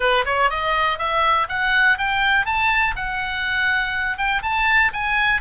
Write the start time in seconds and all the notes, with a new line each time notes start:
0.00 B4
0.25 C#5
0.49 D#5
0.98 E5
1.48 F#5
1.98 G5
2.45 A5
2.96 F#5
4.17 G5
4.42 A5
4.93 G#5